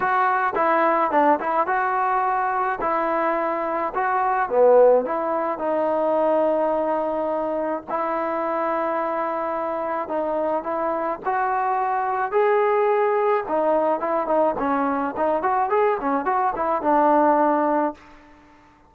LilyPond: \new Staff \with { instrumentName = "trombone" } { \time 4/4 \tempo 4 = 107 fis'4 e'4 d'8 e'8 fis'4~ | fis'4 e'2 fis'4 | b4 e'4 dis'2~ | dis'2 e'2~ |
e'2 dis'4 e'4 | fis'2 gis'2 | dis'4 e'8 dis'8 cis'4 dis'8 fis'8 | gis'8 cis'8 fis'8 e'8 d'2 | }